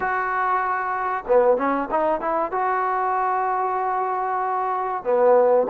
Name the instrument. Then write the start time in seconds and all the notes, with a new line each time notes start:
trombone
0.00 F#4
1.27 B3
1.57 C#4
1.90 D#4
2.20 E4
2.51 F#4
5.04 B3